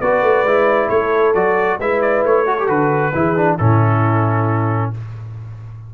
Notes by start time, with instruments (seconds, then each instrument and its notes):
0.00 tuba B3, trombone F#4, horn B4, trumpet D5
0.22 tuba A3
0.44 tuba G#3, trombone E4
0.89 tuba A3, horn A4, trumpet C#5
1.34 tuba F#3, trombone F#4, trumpet D5
1.79 tuba G#3, trombone E4, horn B4, trumpet E5
2.01 trumpet D5
2.24 tuba A3, trumpet C#5
2.47 trombone F#4, horn A4
2.59 trombone G4
2.67 tuba D3, trombone F#4, trumpet B4
3.14 tuba E3, trombone E4, horn G#4
3.37 trombone D4
3.56 tuba A2, trombone C#4, horn E4, trumpet A4